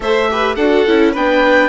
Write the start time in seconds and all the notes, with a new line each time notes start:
0.00 A3 A4 C5 E5
0.30 G4 B4
0.55 D4 F#4 A4 F#5
0.87 C#4 E4
1.12 B3 D4 B4 G5